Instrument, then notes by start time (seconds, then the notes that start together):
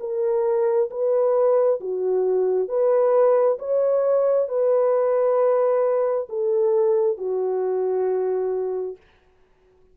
horn
0.00 A#4
0.90 B4
1.80 F#4
2.68 B4
3.59 C#5
4.48 B4
6.29 A4
7.18 F#4